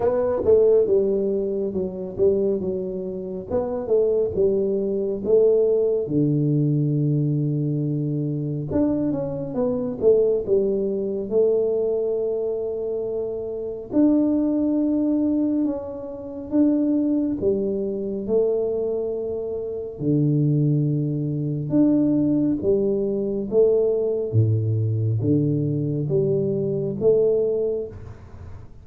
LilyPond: \new Staff \with { instrumentName = "tuba" } { \time 4/4 \tempo 4 = 69 b8 a8 g4 fis8 g8 fis4 | b8 a8 g4 a4 d4~ | d2 d'8 cis'8 b8 a8 | g4 a2. |
d'2 cis'4 d'4 | g4 a2 d4~ | d4 d'4 g4 a4 | a,4 d4 g4 a4 | }